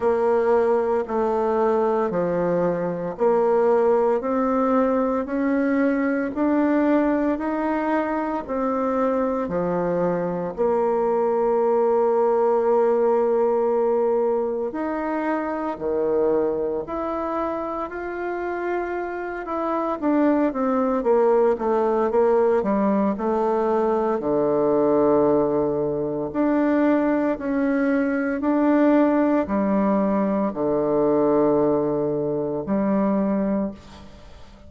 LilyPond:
\new Staff \with { instrumentName = "bassoon" } { \time 4/4 \tempo 4 = 57 ais4 a4 f4 ais4 | c'4 cis'4 d'4 dis'4 | c'4 f4 ais2~ | ais2 dis'4 dis4 |
e'4 f'4. e'8 d'8 c'8 | ais8 a8 ais8 g8 a4 d4~ | d4 d'4 cis'4 d'4 | g4 d2 g4 | }